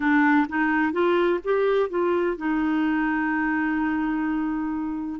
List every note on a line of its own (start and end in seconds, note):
0.00 0.46 D4
0.48 0.92 D#4
0.92 1.39 F4
1.43 1.89 G4
1.89 2.37 F4
2.37 5.20 D#4